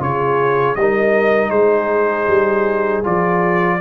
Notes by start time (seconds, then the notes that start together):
0.00 C#3 F4 G#4 C#5
0.75 G3 D#4 A#4 D#5
1.50 G#3 G#4 C5
2.28 G3
3.04 F3 F4 D5